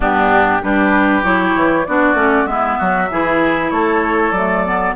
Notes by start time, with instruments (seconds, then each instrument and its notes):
0.00 bassoon G2, clarinet B3, oboe D4, flute G4
0.62 bassoon G3, clarinet D4, oboe G4, flute B4
1.23 bassoon F#3, clarinet E4, flute C#5
1.55 bassoon E3
1.85 bassoon B3, clarinet D4, oboe F#4, flute D5
2.14 bassoon A3, clarinet C#4
2.45 bassoon G#3, clarinet B3, oboe E4, flute E5
2.78 bassoon F#3, oboe F#4
3.10 bassoon E3, clarinet E4, oboe G#4
3.70 bassoon A3, oboe A4, flute C#5
4.31 bassoon F#3, clarinet A3, flute D5
4.66 clarinet B3